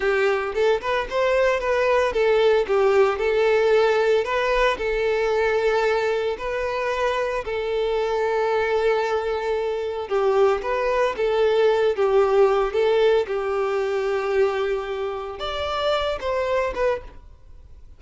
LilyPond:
\new Staff \with { instrumentName = "violin" } { \time 4/4 \tempo 4 = 113 g'4 a'8 b'8 c''4 b'4 | a'4 g'4 a'2 | b'4 a'2. | b'2 a'2~ |
a'2. g'4 | b'4 a'4. g'4. | a'4 g'2.~ | g'4 d''4. c''4 b'8 | }